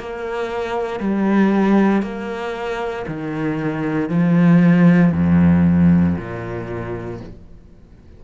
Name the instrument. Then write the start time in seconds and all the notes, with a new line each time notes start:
cello
0.00 A#3
1.00 G3
2.02 A#3
3.08 D#3
4.09 F3
5.13 F2
6.17 A#2